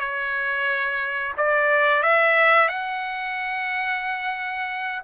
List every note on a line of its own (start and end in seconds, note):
0.00 1.33 C#5
1.37 2.03 D5
2.03 2.68 E5
2.68 5.02 F#5